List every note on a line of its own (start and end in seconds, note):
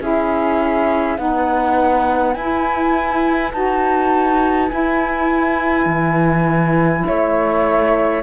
0.00 1.18 C#4
0.00 1.17 E4
0.00 1.17 G#4
0.00 1.18 E5
1.17 2.36 B3
1.17 2.35 D#4
1.17 7.05 B4
1.17 2.34 F#5
2.34 3.53 E4
2.34 3.52 G#5
3.52 4.71 D#4
3.52 4.69 F#4
3.52 4.70 A5
4.69 8.22 E4
4.69 5.86 E4
4.69 7.05 G#5
5.86 7.03 E3
7.06 8.23 A3
7.06 8.23 C#5
7.06 8.23 E5